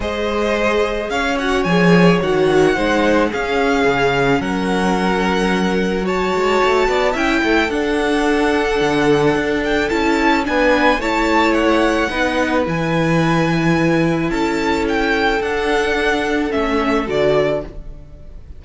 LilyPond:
<<
  \new Staff \with { instrumentName = "violin" } { \time 4/4 \tempo 4 = 109 dis''2 f''8 fis''8 gis''4 | fis''2 f''2 | fis''2. a''4~ | a''4 g''4 fis''2~ |
fis''4. g''8 a''4 gis''4 | a''4 fis''2 gis''4~ | gis''2 a''4 g''4 | fis''2 e''4 d''4 | }
  \new Staff \with { instrumentName = "violin" } { \time 4/4 c''2 cis''2~ | cis''4 c''4 gis'2 | ais'2. cis''4~ | cis''8 d''8 e''8 a'2~ a'8~ |
a'2. b'4 | cis''2 b'2~ | b'2 a'2~ | a'1 | }
  \new Staff \with { instrumentName = "viola" } { \time 4/4 gis'2~ gis'8 fis'8 gis'4 | fis'4 dis'4 cis'2~ | cis'2. fis'4~ | fis'4 e'4 d'2~ |
d'2 e'4 d'4 | e'2 dis'4 e'4~ | e'1 | d'2 cis'4 fis'4 | }
  \new Staff \with { instrumentName = "cello" } { \time 4/4 gis2 cis'4 f4 | dis4 gis4 cis'4 cis4 | fis2.~ fis8 gis8 | a8 b8 cis'8 a8 d'2 |
d4 d'4 cis'4 b4 | a2 b4 e4~ | e2 cis'2 | d'2 a4 d4 | }
>>